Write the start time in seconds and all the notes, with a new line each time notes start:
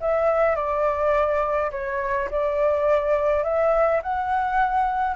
0.00 E5
0.55 D5
1.71 C#5
2.30 D5
3.43 E5
4.02 F#5